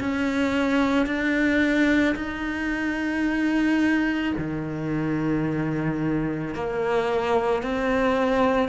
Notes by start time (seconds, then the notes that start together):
0.00 C#4
1.06 D4
2.15 D#4
4.37 D#3
6.55 A#3
7.63 C4